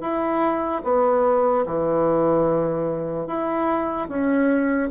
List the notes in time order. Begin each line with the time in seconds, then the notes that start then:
0.00 E4
0.84 B3
1.65 E3
3.27 E4
4.08 C#4